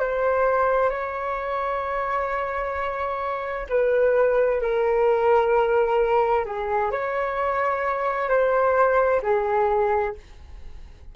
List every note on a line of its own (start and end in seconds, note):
0.00 0.90 C5
0.90 3.67 C#5
3.69 4.62 B4
4.62 6.45 A#4
6.45 6.91 G#4
6.91 8.30 C#5
8.30 9.22 C5
9.23 10.15 G#4